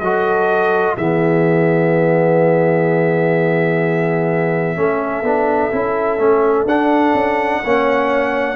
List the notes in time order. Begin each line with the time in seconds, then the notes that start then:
0.00 F#3 F#4 A4 D#5
0.96 E3 B3 G#4 E5
4.76 A3 C#4 A4
5.22 B3 D4
5.72 C#4 E4
6.18 A3 C#4
6.65 D4 F#5
7.14 C#4
7.64 A#3 C#4 C#5